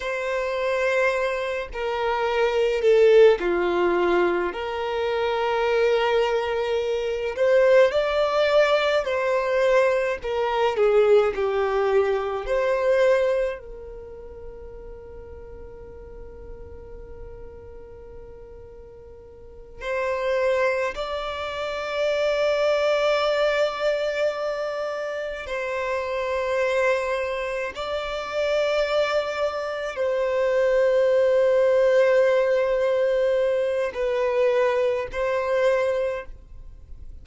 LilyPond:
\new Staff \with { instrumentName = "violin" } { \time 4/4 \tempo 4 = 53 c''4. ais'4 a'8 f'4 | ais'2~ ais'8 c''8 d''4 | c''4 ais'8 gis'8 g'4 c''4 | ais'1~ |
ais'4. c''4 d''4.~ | d''2~ d''8 c''4.~ | c''8 d''2 c''4.~ | c''2 b'4 c''4 | }